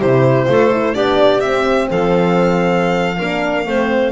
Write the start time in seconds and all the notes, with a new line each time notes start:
0.00 C3 E4 G4 C5
0.47 A3 F4 A4
0.72 E4
0.94 B3 D4 G4 D5
1.41 C4 E5
1.89 F3 A4 F5
3.18 A#3 D4 A#4
3.66 A3 C4 C5